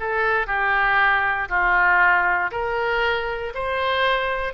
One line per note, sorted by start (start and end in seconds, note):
0.00 0.47 A4
0.47 1.49 G4
1.49 2.51 F4
2.51 3.53 A#4
3.55 4.54 C5